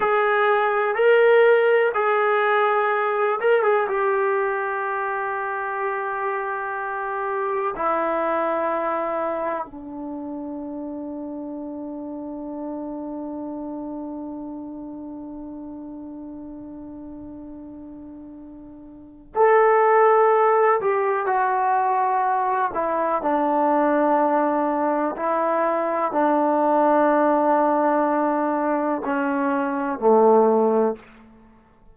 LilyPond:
\new Staff \with { instrumentName = "trombone" } { \time 4/4 \tempo 4 = 62 gis'4 ais'4 gis'4. ais'16 gis'16 | g'1 | e'2 d'2~ | d'1~ |
d'1 | a'4. g'8 fis'4. e'8 | d'2 e'4 d'4~ | d'2 cis'4 a4 | }